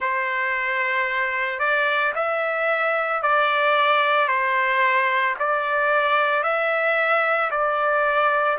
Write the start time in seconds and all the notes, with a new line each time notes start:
0.00 C5
1.59 D5
2.15 E5
3.22 D5
4.28 C5
5.39 D5
6.43 E5
7.50 D5